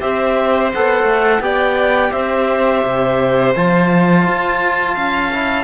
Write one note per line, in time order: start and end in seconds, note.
0.00 0.72 C4
0.00 0.71 G4
0.00 1.41 C5
0.00 0.71 E5
0.73 1.03 B3
0.73 1.42 A4
0.73 1.41 F#5
1.03 1.38 A3
1.40 2.10 B3
1.40 3.54 G4
1.40 2.11 D5
1.40 2.11 G5
2.11 2.83 C4
2.11 4.94 C5
2.11 3.52 E5
2.84 3.54 C3
3.54 4.26 F3
3.54 5.31 F4
3.54 5.64 A5
4.27 4.96 F4
4.94 5.64 C#4
4.94 5.64 F5
5.31 5.64 E4